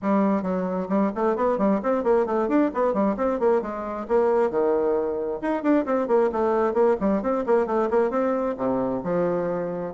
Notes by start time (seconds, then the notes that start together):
0.02 G3
0.42 F#3
0.88 G3
1.15 A3
1.36 B3
1.57 G3
1.82 C4
2.03 A#3
2.26 A3
2.48 D4
2.73 B3
2.93 G3
3.16 C4
3.39 A#3
3.61 G#3
4.08 A#3
4.50 D#3
5.41 D#4
5.62 D4
5.85 C4
6.07 A#3
6.32 A3
6.73 A#3
7.00 G3
7.22 C4
7.46 A#3
7.66 A3
7.90 A#3
8.10 C4
8.57 C3
9.03 F3